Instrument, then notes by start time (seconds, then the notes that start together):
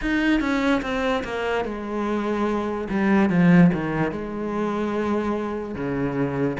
cello
0.01 D#4
0.40 C#4
0.82 C4
1.23 A#3
1.64 G#3
2.89 G3
3.29 F3
3.73 D#3
4.11 G#3
5.75 C#3